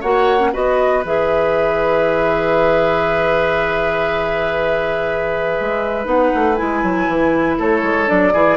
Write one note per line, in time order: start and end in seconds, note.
0.00 0.53 A#3
0.00 0.38 F#4
0.00 0.50 C#5
0.00 0.52 F#5
0.38 0.51 C#4
0.52 1.04 B3
0.52 1.03 F#4
0.52 7.58 B4
0.52 1.04 D#5
1.04 5.58 E3
1.04 6.04 G#4
1.04 6.07 E5
5.60 6.05 G#3
6.04 6.30 B3
6.04 6.55 D#4
6.04 6.55 F#5
6.34 6.59 A3
6.55 6.83 G#3
6.55 8.06 E4
6.55 7.56 G#5
6.83 7.08 F#3
7.08 7.58 E3
7.58 7.82 A3
7.58 8.33 A4
7.58 8.09 C#5
7.82 8.07 G#3
8.06 8.33 F#3
8.06 8.32 D4
8.06 8.57 D5
8.33 8.57 E3
8.33 8.57 E4
8.33 8.57 G#4